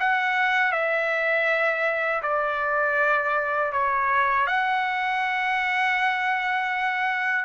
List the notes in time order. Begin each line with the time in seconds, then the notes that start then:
0.00 F#5
0.72 E5
2.23 D5
3.73 C#5
4.47 F#5